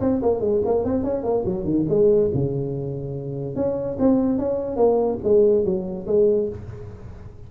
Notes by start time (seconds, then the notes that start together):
0.00 C4
0.22 A#3
0.40 G#3
0.65 A#3
0.84 C4
1.03 C#4
1.23 A#3
1.45 F#3
1.64 D#3
1.89 G#3
2.34 C#3
3.55 C#4
3.99 C4
4.38 C#4
4.76 A#3
5.24 G#3
5.64 F#3
6.07 G#3